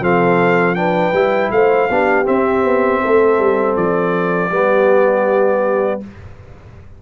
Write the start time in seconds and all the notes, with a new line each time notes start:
0.00 F3 C4 A4 F5
0.75 D4 B4 G5
1.12 G3 E4
1.51 A3 C5 F5
1.89 B3 D4 G4
2.24 C4 E5
2.64 B3
3.01 A3 A4
3.38 G3
3.76 F3 D5
4.50 G3 B3 G4